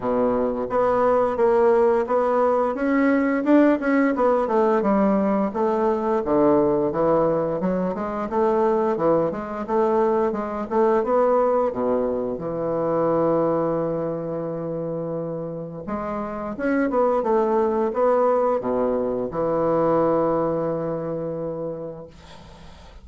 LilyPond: \new Staff \with { instrumentName = "bassoon" } { \time 4/4 \tempo 4 = 87 b,4 b4 ais4 b4 | cis'4 d'8 cis'8 b8 a8 g4 | a4 d4 e4 fis8 gis8 | a4 e8 gis8 a4 gis8 a8 |
b4 b,4 e2~ | e2. gis4 | cis'8 b8 a4 b4 b,4 | e1 | }